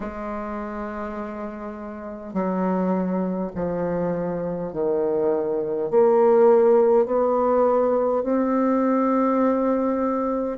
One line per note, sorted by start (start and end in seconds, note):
0.00 2.33 G#3
2.33 3.51 F#3
3.55 4.72 F3
4.73 5.90 D#3
5.90 7.05 A#3
7.05 8.23 B3
8.23 10.58 C4